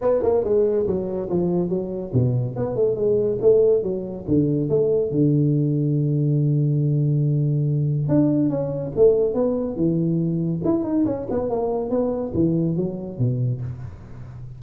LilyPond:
\new Staff \with { instrumentName = "tuba" } { \time 4/4 \tempo 4 = 141 b8 ais8 gis4 fis4 f4 | fis4 b,4 b8 a8 gis4 | a4 fis4 d4 a4 | d1~ |
d2. d'4 | cis'4 a4 b4 e4~ | e4 e'8 dis'8 cis'8 b8 ais4 | b4 e4 fis4 b,4 | }